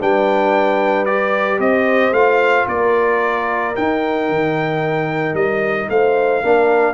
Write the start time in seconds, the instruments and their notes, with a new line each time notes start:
0.00 tuba G3, trombone D4, horn B4, trumpet G5
1.06 trombone G4, trumpet D5
1.59 tuba C4, horn C5, trumpet D#5
2.12 tuba A3, trombone F4, trumpet F5
2.68 tuba A#3, horn A#4, trumpet D5
3.76 trombone D#4, tuba D#4, trumpet G5
4.30 tuba D#3
5.34 tuba G3, trumpet D#5
5.89 tuba A3, horn C5, trumpet F5
6.43 tuba A#3, trombone D4, horn A#4